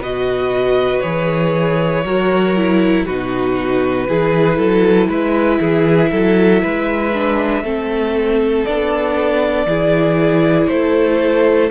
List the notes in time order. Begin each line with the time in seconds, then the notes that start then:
0.00 B2 F#4 B4 D#5
1.00 E3 G#4 C#5
2.04 F#3 F#4 A#4
2.57 E4
3.05 B2 D#4 F#4 B4
4.07 E3 E4 G#4
4.57 F#3 A4
5.08 G#3 B4 E5
5.60 E3 G#4
6.11 F#3 A4
6.62 G#3 B4
7.14 D4
7.63 A3 C4 A4
8.65 B3 D4 D5
9.66 E3 E4 G#4
10.68 A3 A4 C5